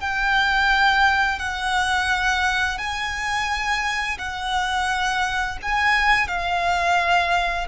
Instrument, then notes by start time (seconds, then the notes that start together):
violin
0.00 G5
1.39 F#5
2.78 G#5
4.18 F#5
5.62 G#5
6.28 F5